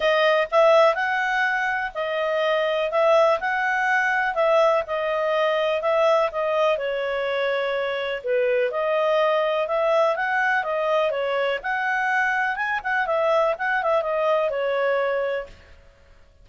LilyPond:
\new Staff \with { instrumentName = "clarinet" } { \time 4/4 \tempo 4 = 124 dis''4 e''4 fis''2 | dis''2 e''4 fis''4~ | fis''4 e''4 dis''2 | e''4 dis''4 cis''2~ |
cis''4 b'4 dis''2 | e''4 fis''4 dis''4 cis''4 | fis''2 gis''8 fis''8 e''4 | fis''8 e''8 dis''4 cis''2 | }